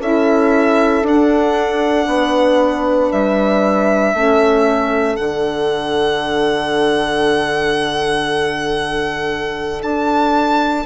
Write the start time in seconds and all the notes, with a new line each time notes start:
0.00 C#4 E4 A4 E5
1.03 D4 F#5
2.07 B3 B4
3.12 G3 E5
4.14 A3 C#4 A4
5.16 D3 D4 F#5
9.83 D4 A5